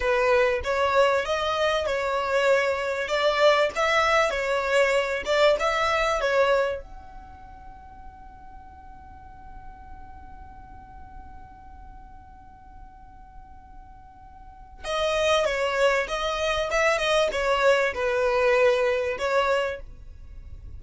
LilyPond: \new Staff \with { instrumentName = "violin" } { \time 4/4 \tempo 4 = 97 b'4 cis''4 dis''4 cis''4~ | cis''4 d''4 e''4 cis''4~ | cis''8 d''8 e''4 cis''4 fis''4~ | fis''1~ |
fis''1~ | fis''1 | dis''4 cis''4 dis''4 e''8 dis''8 | cis''4 b'2 cis''4 | }